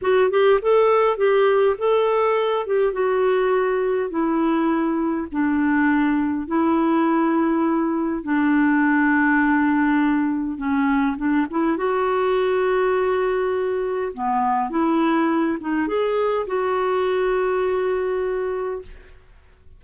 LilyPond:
\new Staff \with { instrumentName = "clarinet" } { \time 4/4 \tempo 4 = 102 fis'8 g'8 a'4 g'4 a'4~ | a'8 g'8 fis'2 e'4~ | e'4 d'2 e'4~ | e'2 d'2~ |
d'2 cis'4 d'8 e'8 | fis'1 | b4 e'4. dis'8 gis'4 | fis'1 | }